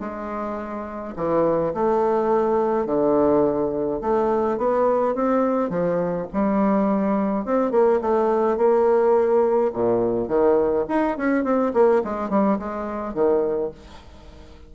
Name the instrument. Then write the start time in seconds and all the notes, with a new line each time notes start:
bassoon
0.00 G#3
1.16 E3
1.74 A3
2.86 D3
4.01 A3
4.58 B3
5.15 C4
5.70 F3
6.33 G3
7.45 C4
7.71 A#3
8.01 A3
8.57 A#3
9.73 A#2
10.28 D#3
10.89 D#4
11.17 C#4
11.44 C4
11.74 A#3
12.04 G#3
12.30 G3
12.59 G#3
13.14 D#3